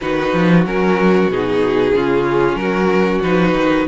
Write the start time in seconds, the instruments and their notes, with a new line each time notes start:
0.00 cello D#3, viola D#4, violin F#4 B4
0.33 cello F3
0.65 cello F#3, viola C#4, violin A#4
1.27 cello B2, viola D#4, violin G#4
1.94 cello C#3, viola C#4, violin F4
2.54 cello F#3, violin F#4 A#4
3.21 cello F3, viola D#4, violin B4
3.54 cello D#3